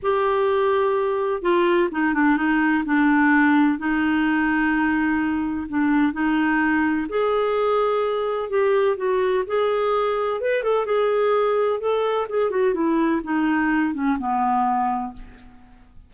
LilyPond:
\new Staff \with { instrumentName = "clarinet" } { \time 4/4 \tempo 4 = 127 g'2. f'4 | dis'8 d'8 dis'4 d'2 | dis'1 | d'4 dis'2 gis'4~ |
gis'2 g'4 fis'4 | gis'2 b'8 a'8 gis'4~ | gis'4 a'4 gis'8 fis'8 e'4 | dis'4. cis'8 b2 | }